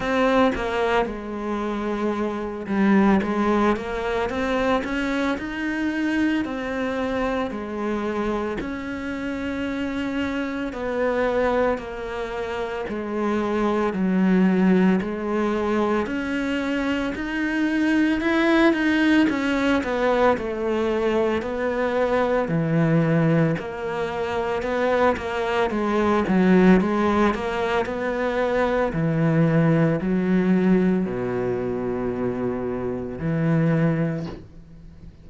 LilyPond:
\new Staff \with { instrumentName = "cello" } { \time 4/4 \tempo 4 = 56 c'8 ais8 gis4. g8 gis8 ais8 | c'8 cis'8 dis'4 c'4 gis4 | cis'2 b4 ais4 | gis4 fis4 gis4 cis'4 |
dis'4 e'8 dis'8 cis'8 b8 a4 | b4 e4 ais4 b8 ais8 | gis8 fis8 gis8 ais8 b4 e4 | fis4 b,2 e4 | }